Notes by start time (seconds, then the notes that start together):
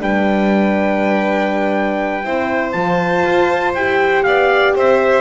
0.00 G3 D4 B4 G5
2.24 C4 E4 C5
2.73 F3 F4 A5
3.26 F4
3.75 E4 G4 G5
4.24 B3 D5 F5
4.76 C4 C5 E5